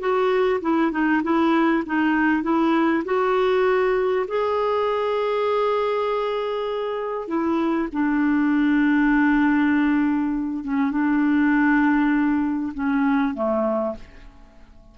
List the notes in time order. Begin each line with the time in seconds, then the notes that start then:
0.00 F#4
0.61 E4
0.92 D#4
1.23 E4
1.86 D#4
2.43 E4
3.05 F#4
4.28 G#4
7.28 E4
7.93 D4
10.64 C#4
10.91 D4
12.74 C#4
13.34 A3